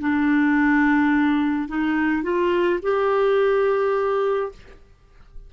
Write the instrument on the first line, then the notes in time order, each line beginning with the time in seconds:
clarinet
0.00 D4
1.69 D#4
2.23 F4
2.82 G4